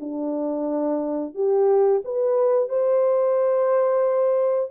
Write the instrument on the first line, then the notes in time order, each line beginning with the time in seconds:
horn
0.00 D4
1.35 G4
2.05 B4
2.69 C5